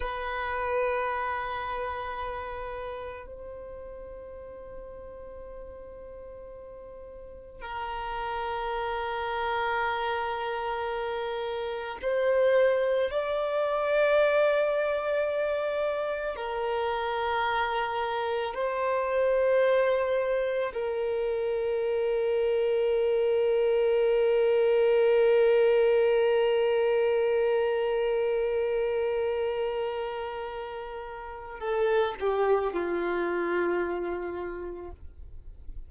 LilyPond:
\new Staff \with { instrumentName = "violin" } { \time 4/4 \tempo 4 = 55 b'2. c''4~ | c''2. ais'4~ | ais'2. c''4 | d''2. ais'4~ |
ais'4 c''2 ais'4~ | ais'1~ | ais'1~ | ais'4 a'8 g'8 f'2 | }